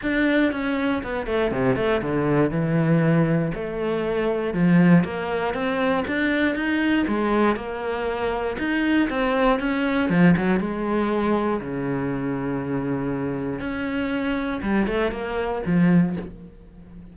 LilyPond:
\new Staff \with { instrumentName = "cello" } { \time 4/4 \tempo 4 = 119 d'4 cis'4 b8 a8 c8 a8 | d4 e2 a4~ | a4 f4 ais4 c'4 | d'4 dis'4 gis4 ais4~ |
ais4 dis'4 c'4 cis'4 | f8 fis8 gis2 cis4~ | cis2. cis'4~ | cis'4 g8 a8 ais4 f4 | }